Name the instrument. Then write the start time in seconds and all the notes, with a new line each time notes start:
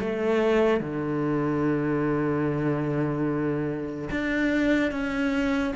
cello
0.00 A3
0.80 D3
4.11 D4
4.91 C#4